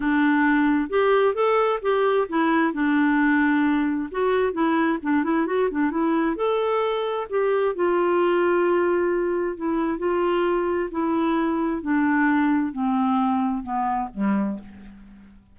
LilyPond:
\new Staff \with { instrumentName = "clarinet" } { \time 4/4 \tempo 4 = 132 d'2 g'4 a'4 | g'4 e'4 d'2~ | d'4 fis'4 e'4 d'8 e'8 | fis'8 d'8 e'4 a'2 |
g'4 f'2.~ | f'4 e'4 f'2 | e'2 d'2 | c'2 b4 g4 | }